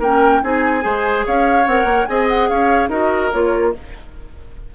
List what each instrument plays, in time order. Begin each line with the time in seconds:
0.00 bassoon A#3, clarinet C#4, oboe A#4, flute G5
0.43 bassoon C4, clarinet D#4, oboe G#4, flute G#5
0.81 bassoon G#3, clarinet G#4, oboe C5
1.26 bassoon C#4, oboe C#5, flute F5
1.67 bassoon C4, clarinet A#4, flute F#5
1.85 bassoon A#3
2.06 bassoon C4, clarinet G#4, oboe D#5, flute G#5
2.29 flute F#5
2.49 bassoon C#4, oboe C#5, flute F5
2.89 bassoon D#4, clarinet F#4, oboe A#4, flute D#5
3.32 bassoon A#3, clarinet F4, flute C#5